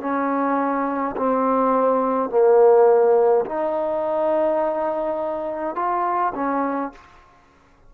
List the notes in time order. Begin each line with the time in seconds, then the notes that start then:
0.00 C#4
1.17 C4
2.30 A#3
3.46 D#4
5.75 F4
6.35 C#4